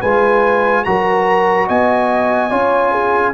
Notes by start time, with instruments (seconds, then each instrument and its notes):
0.00 tuba G#3, trombone F4, horn B4, trumpet G#5
0.84 tuba F#3, trombone F#4, horn A#4, trumpet A#5
1.68 tuba B3, horn D#5, trumpet G#5
2.50 tuba C#4, trombone F4, horn C#5
2.92 horn G#4